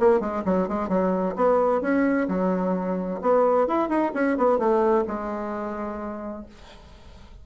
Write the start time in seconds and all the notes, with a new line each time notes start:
0.00 A#3
0.21 G#3
0.45 F#3
0.69 G#3
0.89 F#3
1.36 B3
1.82 C#4
2.28 F#3
3.22 B3
3.68 E4
3.89 D#4
4.15 C#4
4.38 B3
4.59 A3
5.07 G#3